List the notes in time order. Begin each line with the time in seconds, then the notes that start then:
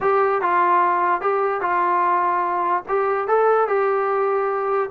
0.01 G4
0.41 F4
1.21 G4
1.61 F4
2.88 G4
3.27 A4
3.67 G4